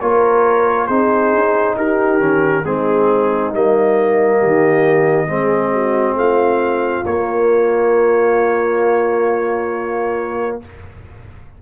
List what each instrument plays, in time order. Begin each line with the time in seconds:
0.00 tuba A#3, trombone F4, horn A#4, trumpet C#5
0.87 tuba C4, trombone D#4, horn G#4, trumpet C5
1.33 tuba C#4
1.76 tuba D#4, horn G4, trumpet A#4
2.19 tuba D#3, trombone C#4
2.65 tuba G#3, trombone C4, horn D#4, trumpet G#4
3.53 tuba G3, trombone A#3, trumpet D#5
4.38 tuba D#3, horn G4
5.27 tuba G#3, trombone C4, horn G#4
5.72 horn F#4
6.15 tuba A3, horn F4, trumpet F5
7.05 tuba A#3, trombone A#3, trumpet C#5